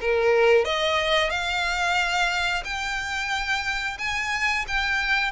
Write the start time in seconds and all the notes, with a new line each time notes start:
0.00 A#4
0.65 D#5
1.30 F5
2.64 G5
3.98 G#5
4.67 G5